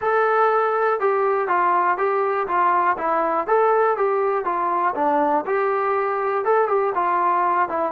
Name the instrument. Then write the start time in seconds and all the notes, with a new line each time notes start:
trombone
0.01 A4
1.00 G4
1.48 F4
1.97 G4
2.47 F4
2.97 E4
3.47 A4
3.96 G4
4.44 F4
4.95 D4
5.45 G4
6.45 A4
6.68 G4
6.94 F4
7.69 E4